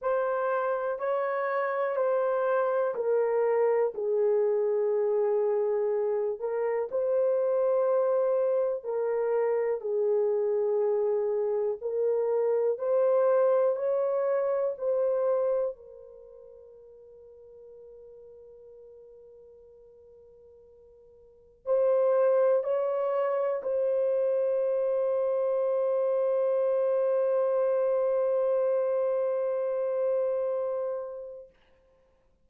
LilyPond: \new Staff \with { instrumentName = "horn" } { \time 4/4 \tempo 4 = 61 c''4 cis''4 c''4 ais'4 | gis'2~ gis'8 ais'8 c''4~ | c''4 ais'4 gis'2 | ais'4 c''4 cis''4 c''4 |
ais'1~ | ais'2 c''4 cis''4 | c''1~ | c''1 | }